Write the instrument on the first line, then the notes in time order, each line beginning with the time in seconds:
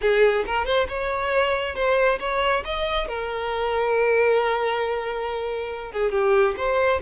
violin
0.01 G#4
0.46 A#4
0.65 C5
0.88 C#5
1.75 C5
2.19 C#5
2.64 D#5
3.08 A#4
5.92 G#4
6.11 G4
6.57 C5